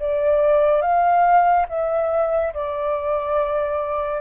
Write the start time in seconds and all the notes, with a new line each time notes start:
0.00 D5
0.82 F5
1.69 E5
2.54 D5